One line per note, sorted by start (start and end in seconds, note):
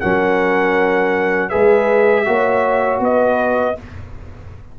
0.00 1.54 F#3
0.00 1.50 C#4
0.00 1.50 A#4
0.00 1.49 F#5
1.49 2.27 G#3
1.49 2.25 G#4
1.49 2.25 B4
1.49 2.99 E5
2.25 3.00 A#3
2.25 3.75 F#4
2.25 3.03 C#5
3.00 3.75 B3
3.00 3.79 B4
3.00 3.79 D#5